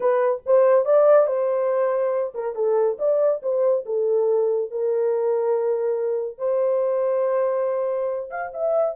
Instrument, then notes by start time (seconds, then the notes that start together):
horn
0.00 B4
0.45 C5
0.85 D5
1.26 C5
2.34 A#4
2.55 A4
2.98 D5
3.42 C5
3.85 A4
4.70 A#4
6.38 C5
8.30 F5
8.53 E5